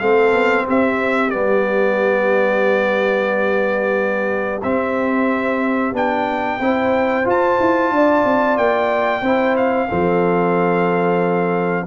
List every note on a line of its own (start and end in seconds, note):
0.00 0.32 A3
0.00 1.32 C4
0.00 0.67 A4
0.00 0.66 F5
0.32 0.65 B3
0.67 1.35 C4
0.67 6.60 G4
0.67 1.30 E5
1.30 4.64 G3
1.30 4.62 B3
1.30 4.60 D5
4.63 5.94 C4
4.63 5.93 C4
4.63 5.95 E5
5.93 6.59 B3
5.93 6.60 D4
5.93 7.28 G5
6.60 7.26 C4
6.60 7.24 E4
6.60 7.95 C5
7.24 9.22 F4
7.24 7.59 F4
7.24 8.58 A5
7.60 7.91 E4
7.91 8.24 D4
7.91 9.22 D5
8.25 8.58 C4
8.58 9.22 A#3
8.58 9.57 G5
9.22 9.88 C4
9.22 9.89 E4
9.22 9.88 C5
9.57 11.87 F5
9.89 11.87 F3
9.89 11.87 C4
9.89 11.87 A4